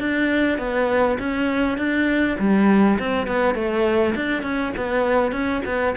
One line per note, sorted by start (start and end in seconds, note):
0.00 0.58 D4
0.58 1.18 B3
1.19 1.78 C#4
1.78 2.37 D4
2.39 2.98 G3
2.99 3.27 C4
3.27 3.55 B3
3.55 4.14 A3
4.16 4.43 D4
4.43 4.72 C#4
4.77 5.32 B3
5.32 5.62 C#4
5.65 5.95 B3